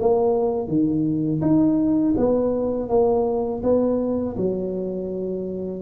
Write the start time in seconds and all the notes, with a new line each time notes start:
0.00 A#3
0.68 D#3
1.42 D#4
2.18 B3
2.89 A#3
3.63 B3
4.37 F#3